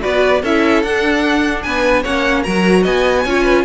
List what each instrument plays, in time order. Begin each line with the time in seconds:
0.00 cello B3, viola F#4, violin B4 D5
0.41 cello C#4, viola E4, violin A4 E5
0.82 cello D4, viola D4, violin F#5
1.62 cello B3, violin B4 G#5
2.02 cello A#3, viola C#4, violin C#5 F#5
2.43 cello F#3, viola F#4, violin A#4 A#5
2.82 cello B3, violin D#5 G#5
3.24 cello C#4, viola F4, violin C#5
3.43 violin B4